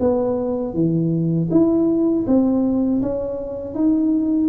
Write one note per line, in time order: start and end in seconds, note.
0.00 0.74 B3
0.74 1.49 E3
1.51 2.26 E4
2.27 3.02 C4
3.02 3.75 C#4
3.75 4.49 D#4